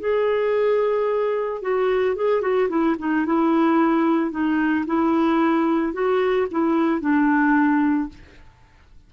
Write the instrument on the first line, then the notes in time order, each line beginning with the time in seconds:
clarinet
0.00 G#4
1.62 F#4
2.16 G#4
2.42 F#4
2.69 E4
2.99 D#4
3.26 E4
4.31 D#4
4.86 E4
5.93 F#4
6.51 E4
7.01 D4